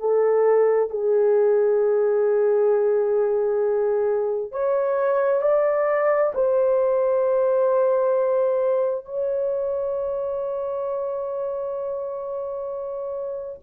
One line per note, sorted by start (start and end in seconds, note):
0.00 0.90 A4
0.90 4.52 G#4
4.52 5.42 C#5
5.42 6.33 D5
6.35 9.05 C5
9.05 13.60 C#5